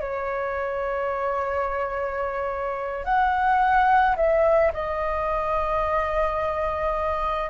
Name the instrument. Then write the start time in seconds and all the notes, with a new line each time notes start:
flute
0.00 C#5
3.05 F#5
4.16 E5
4.73 D#5